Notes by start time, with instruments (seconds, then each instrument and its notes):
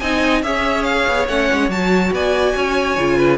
0.00 cello C4, viola D#4, violin D#5 G#5
0.43 cello C#4, viola G#4, violin C#5 E5
0.84 violin F5
1.08 cello B3
1.29 cello A3, viola C#4, violin F#5
1.53 cello G#3
1.69 cello F#3, viola F#4, violin A5
2.12 cello B3, violin D5 G#5
2.56 cello C#4, violin C#5
2.98 cello C#3, viola F4
3.18 violin B4